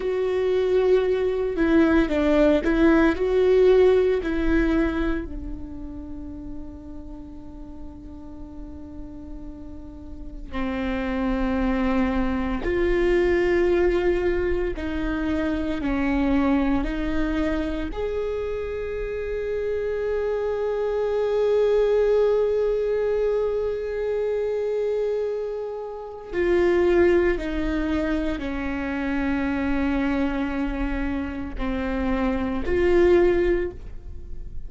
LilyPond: \new Staff \with { instrumentName = "viola" } { \time 4/4 \tempo 4 = 57 fis'4. e'8 d'8 e'8 fis'4 | e'4 d'2.~ | d'2 c'2 | f'2 dis'4 cis'4 |
dis'4 gis'2.~ | gis'1~ | gis'4 f'4 dis'4 cis'4~ | cis'2 c'4 f'4 | }